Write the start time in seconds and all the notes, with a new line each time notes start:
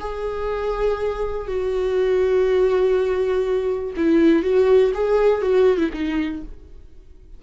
0.00 G#4
1.48 F#4
3.97 E4
4.43 F#4
4.94 G#4
5.42 F#4
5.78 E4
5.94 D#4